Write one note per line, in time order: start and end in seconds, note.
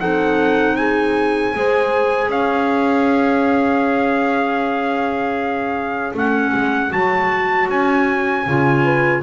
0.00 1.54 C4
0.00 1.54 D#4
0.00 0.77 A4
0.00 0.76 F#5
0.76 1.56 G#4
0.76 2.30 G#5
1.55 2.28 G#3
1.55 6.16 G#4
1.55 2.33 C5
2.28 6.13 C#4
2.28 8.84 C#5
2.28 6.15 F5
6.14 6.52 A3
6.14 6.91 C#4
6.14 6.92 F#5
6.54 6.92 G#3
6.91 7.69 F#3
6.91 8.45 F#4
6.91 7.69 A5
7.69 8.46 C#4
7.69 9.23 G#5
8.46 9.23 C#3
8.46 9.23 F4
8.84 9.22 B4